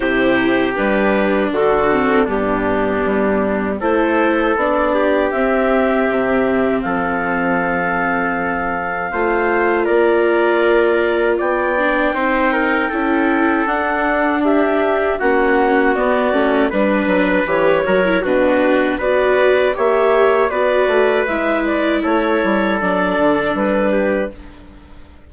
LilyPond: <<
  \new Staff \with { instrumentName = "clarinet" } { \time 4/4 \tempo 4 = 79 c''4 b'4 a'4 g'4~ | g'4 c''4 d''4 e''4~ | e''4 f''2.~ | f''4 d''2 g''4~ |
g''2 fis''4 e''4 | fis''4 d''4 b'4 cis''4 | b'4 d''4 e''4 d''4 | e''8 d''8 cis''4 d''4 b'4 | }
  \new Staff \with { instrumentName = "trumpet" } { \time 4/4 g'2 fis'4 d'4~ | d'4 a'4. g'4.~ | g'4 a'2. | c''4 ais'2 d''4 |
c''8 ais'8 a'2 g'4 | fis'2 b'4. ais'8 | fis'4 b'4 cis''4 b'4~ | b'4 a'2~ a'8 g'8 | }
  \new Staff \with { instrumentName = "viola" } { \time 4/4 e'4 d'4. c'8 b4~ | b4 e'4 d'4 c'4~ | c'1 | f'2.~ f'8 d'8 |
dis'4 e'4 d'2 | cis'4 b8 cis'8 d'4 g'8 fis'16 e'16 | d'4 fis'4 g'4 fis'4 | e'2 d'2 | }
  \new Staff \with { instrumentName = "bassoon" } { \time 4/4 c4 g4 d4 g,4 | g4 a4 b4 c'4 | c4 f2. | a4 ais2 b4 |
c'4 cis'4 d'2 | ais4 b8 a8 g8 fis8 e8 fis8 | b,4 b4 ais4 b8 a8 | gis4 a8 g8 fis8 d8 g4 | }
>>